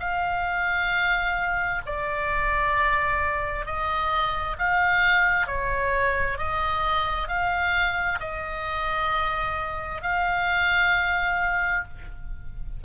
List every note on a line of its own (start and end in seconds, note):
0.00 1.82 F5
1.86 3.66 D5
3.66 4.57 D#5
4.59 5.47 F5
5.47 6.38 C#5
6.38 7.28 D#5
7.28 8.19 F5
8.20 10.02 D#5
10.02 11.84 F5